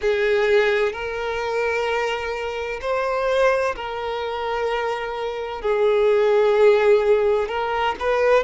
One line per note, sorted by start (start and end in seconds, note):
0.01 0.92 G#4
0.92 2.80 A#4
2.81 3.75 C5
3.75 5.61 A#4
5.61 7.48 G#4
7.48 7.95 A#4
7.99 8.43 B4